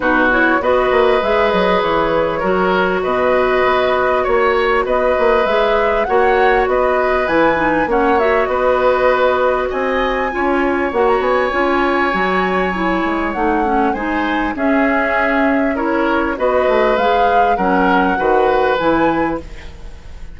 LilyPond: <<
  \new Staff \with { instrumentName = "flute" } { \time 4/4 \tempo 4 = 99 b'8 cis''8 dis''4 e''8 dis''8 cis''4~ | cis''4 dis''2 cis''4 | dis''4 e''4 fis''4 dis''4 | gis''4 fis''8 e''8 dis''2 |
gis''2 fis''16 ais''16 gis''4.~ | gis''2 fis''4 gis''4 | e''2 cis''4 dis''4 | f''4 fis''2 gis''4 | }
  \new Staff \with { instrumentName = "oboe" } { \time 4/4 fis'4 b'2. | ais'4 b'2 cis''4 | b'2 cis''4 b'4~ | b'4 cis''4 b'2 |
dis''4 cis''2.~ | cis''2. c''4 | gis'2 ais'4 b'4~ | b'4 ais'4 b'2 | }
  \new Staff \with { instrumentName = "clarinet" } { \time 4/4 dis'8 e'8 fis'4 gis'2 | fis'1~ | fis'4 gis'4 fis'2 | e'8 dis'8 cis'8 fis'2~ fis'8~ |
fis'4 f'4 fis'4 f'4 | fis'4 e'4 dis'8 cis'8 dis'4 | cis'2 e'4 fis'4 | gis'4 cis'4 fis'4 e'4 | }
  \new Staff \with { instrumentName = "bassoon" } { \time 4/4 b,4 b8 ais8 gis8 fis8 e4 | fis4 b,4 b4 ais4 | b8 ais8 gis4 ais4 b4 | e4 ais4 b2 |
c'4 cis'4 ais8 b8 cis'4 | fis4. gis8 a4 gis4 | cis'2. b8 a8 | gis4 fis4 dis4 e4 | }
>>